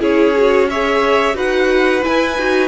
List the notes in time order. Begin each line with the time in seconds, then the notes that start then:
0.00 C#4 E4 G#4 C#5
0.38 F#4
0.70 G#4 C#5 E5
1.34 D#4 F#4 B4 F#5
2.03 E4 G#5
2.38 D#4 F#4